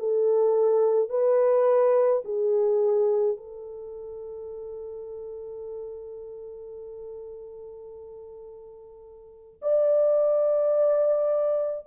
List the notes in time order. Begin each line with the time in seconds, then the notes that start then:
0.00 A4
1.10 B4
2.25 G#4
3.38 A4
9.62 D5